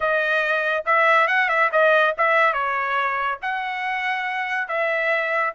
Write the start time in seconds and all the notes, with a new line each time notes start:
0.00 D#5
0.85 E5
1.27 F#5
1.49 E5
1.72 D#5
2.17 E5
2.53 C#5
3.42 F#5
4.68 E5